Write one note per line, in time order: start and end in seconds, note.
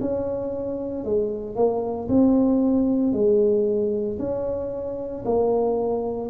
0.00 1.04 C#4
1.04 1.56 G#3
1.56 2.08 A#3
2.08 3.13 C4
3.13 4.18 G#3
4.19 5.24 C#4
5.24 6.30 A#3